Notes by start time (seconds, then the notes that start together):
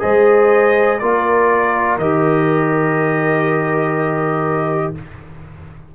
0.00 G#3 G#4 C5 D#5
0.99 A#3 F4 A#4 D5
1.98 D#3 G4 D#5